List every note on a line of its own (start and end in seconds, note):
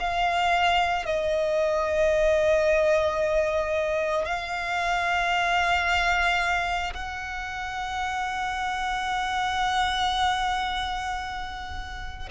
0.00 1.06 F5
1.06 4.26 D#5
4.26 6.94 F5
6.94 12.30 F#5